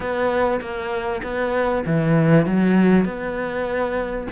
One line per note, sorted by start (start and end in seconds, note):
0.00 0.60 B3
0.60 1.22 A#3
1.23 1.84 B3
1.85 2.45 E3
2.45 3.04 F#3
3.04 4.27 B3